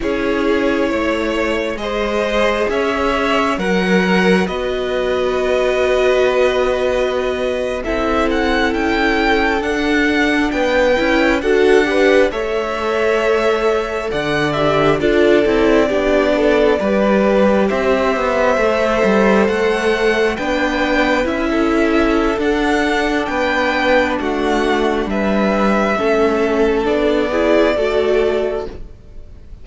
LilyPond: <<
  \new Staff \with { instrumentName = "violin" } { \time 4/4 \tempo 4 = 67 cis''2 dis''4 e''4 | fis''4 dis''2.~ | dis''8. e''8 fis''8 g''4 fis''4 g''16~ | g''8. fis''4 e''2 fis''16~ |
fis''16 e''8 d''2. e''16~ | e''4.~ e''16 fis''4 g''4 e''16~ | e''4 fis''4 g''4 fis''4 | e''2 d''2 | }
  \new Staff \with { instrumentName = "violin" } { \time 4/4 gis'4 cis''4 c''4 cis''4 | ais'4 b'2.~ | b'8. a'2. b'16~ | b'8. a'8 b'8 cis''2 d''16~ |
d''8. a'4 g'8 a'8 b'4 c''16~ | c''2~ c''8. b'4~ b'16 | a'2 b'4 fis'4 | b'4 a'4. gis'8 a'4 | }
  \new Staff \with { instrumentName = "viola" } { \time 4/4 e'2 gis'2 | ais'4 fis'2.~ | fis'8. e'2 d'4~ d'16~ | d'16 e'8 fis'8 g'8 a'2~ a'16~ |
a'16 g'8 f'8 e'8 d'4 g'4~ g'16~ | g'8. a'2 d'4 e'16~ | e'4 d'2.~ | d'4 cis'4 d'8 e'8 fis'4 | }
  \new Staff \with { instrumentName = "cello" } { \time 4/4 cis'4 a4 gis4 cis'4 | fis4 b2.~ | b8. c'4 cis'4 d'4 b16~ | b16 cis'8 d'4 a2 d16~ |
d8. d'8 c'8 b4 g4 c'16~ | c'16 b8 a8 g8 a4 b4 cis'16~ | cis'4 d'4 b4 a4 | g4 a4 b4 a4 | }
>>